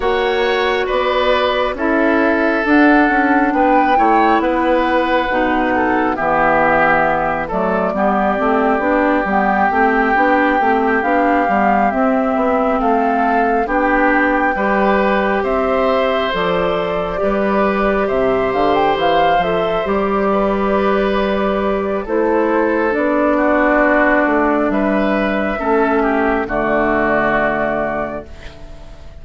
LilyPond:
<<
  \new Staff \with { instrumentName = "flute" } { \time 4/4 \tempo 4 = 68 fis''4 d''4 e''4 fis''4 | g''4 fis''2 e''4~ | e''8 d''2 g''4.~ | g''8 f''4 e''4 f''4 g''8~ |
g''4. e''4 d''4.~ | d''8 e''8 f''16 g''16 f''8 e''8 d''4.~ | d''4 c''4 d''2 | e''2 d''2 | }
  \new Staff \with { instrumentName = "oboe" } { \time 4/4 cis''4 b'4 a'2 | b'8 cis''8 b'4. a'8 g'4~ | g'8 a'8 g'2.~ | g'2~ g'8 a'4 g'8~ |
g'8 b'4 c''2 b'8~ | b'8 c''2~ c''8 b'4~ | b'4 a'4. fis'4. | b'4 a'8 g'8 fis'2 | }
  \new Staff \with { instrumentName = "clarinet" } { \time 4/4 fis'2 e'4 d'4~ | d'8 e'4. dis'4 b4~ | b8 a8 b8 c'8 d'8 b8 c'8 d'8 | c'8 d'8 b8 c'2 d'8~ |
d'8 g'2 a'4 g'8~ | g'2 a'8 g'4.~ | g'4 e'4 d'2~ | d'4 cis'4 a2 | }
  \new Staff \with { instrumentName = "bassoon" } { \time 4/4 ais4 b4 cis'4 d'8 cis'8 | b8 a8 b4 b,4 e4~ | e8 fis8 g8 a8 b8 g8 a8 b8 | a8 b8 g8 c'8 b8 a4 b8~ |
b8 g4 c'4 f4 g8~ | g8 c8 d8 e8 f8 g4.~ | g4 a4 b4. a8 | g4 a4 d2 | }
>>